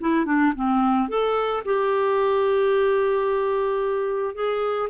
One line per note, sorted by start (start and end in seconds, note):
0.00 0.26 E4
0.26 0.53 D4
0.56 1.08 C4
1.08 1.63 A4
1.65 4.34 G4
4.34 4.89 G#4